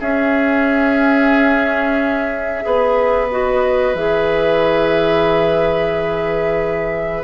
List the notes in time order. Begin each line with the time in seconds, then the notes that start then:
0.00 C#4 G#4 E5
2.62 B3 G#4 B4
3.30 F#4 D#5
3.95 E3 G#4 E5